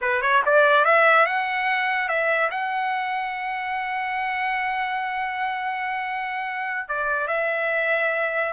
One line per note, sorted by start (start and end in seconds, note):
0.01 0.21 B4
0.21 0.42 C#5
0.45 0.84 D5
0.84 1.25 E5
1.25 2.08 F#5
2.08 2.50 E5
2.50 6.88 F#5
6.88 7.27 D5
7.27 8.52 E5